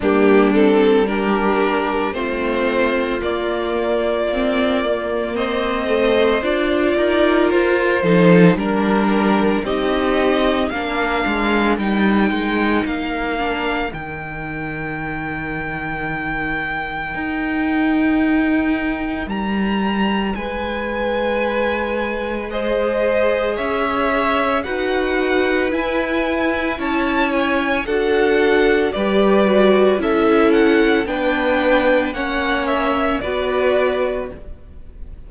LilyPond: <<
  \new Staff \with { instrumentName = "violin" } { \time 4/4 \tempo 4 = 56 g'8 a'8 ais'4 c''4 d''4~ | d''4 dis''4 d''4 c''4 | ais'4 dis''4 f''4 g''4 | f''4 g''2.~ |
g''2 ais''4 gis''4~ | gis''4 dis''4 e''4 fis''4 | gis''4 a''8 gis''8 fis''4 d''4 | e''8 fis''8 g''4 fis''8 e''8 d''4 | }
  \new Staff \with { instrumentName = "violin" } { \time 4/4 d'4 g'4 f'2~ | f'4 c''4. ais'4 a'8 | ais'4 g'4 ais'2~ | ais'1~ |
ais'2. b'4~ | b'4 c''4 cis''4 b'4~ | b'4 cis''4 a'4 b'4 | a'4 b'4 cis''4 b'4 | }
  \new Staff \with { instrumentName = "viola" } { \time 4/4 ais8 c'8 d'4 c'4 ais4 | c'8 ais4 a8 f'4. dis'8 | d'4 dis'4 d'4 dis'4~ | dis'8 d'8 dis'2.~ |
dis'1~ | dis'4 gis'2 fis'4 | e'2 fis'4 g'8 fis'8 | e'4 d'4 cis'4 fis'4 | }
  \new Staff \with { instrumentName = "cello" } { \time 4/4 g2 a4 ais4~ | ais4 c'4 d'8 dis'8 f'8 f8 | g4 c'4 ais8 gis8 g8 gis8 | ais4 dis2. |
dis'2 g4 gis4~ | gis2 cis'4 dis'4 | e'4 cis'4 d'4 g4 | cis'4 b4 ais4 b4 | }
>>